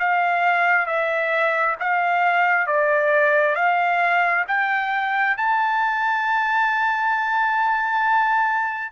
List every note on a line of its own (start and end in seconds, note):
0.00 0.87 F5
0.87 1.76 E5
1.80 2.67 F5
2.67 3.56 D5
3.56 4.45 F5
4.48 5.38 G5
5.38 8.93 A5